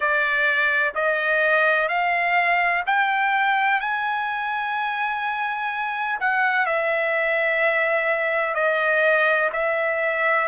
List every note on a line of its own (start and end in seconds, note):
0.00 0.94 D5
0.94 1.88 D#5
1.88 2.83 F5
2.86 3.80 G5
3.80 6.18 G#5
6.19 6.66 F#5
6.66 8.54 E5
8.54 9.49 D#5
9.52 10.48 E5